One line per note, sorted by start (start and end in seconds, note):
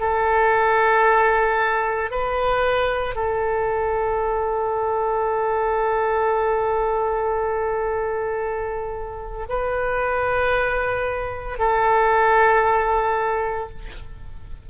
0.00 2.11 A4
2.11 3.15 B4
3.15 9.46 A4
9.48 11.58 B4
11.58 13.69 A4